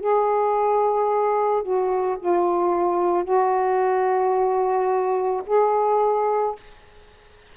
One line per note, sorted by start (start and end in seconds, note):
0.00 1.63 G#4
1.63 2.17 F#4
2.19 3.24 F4
3.24 5.42 F#4
5.46 6.55 G#4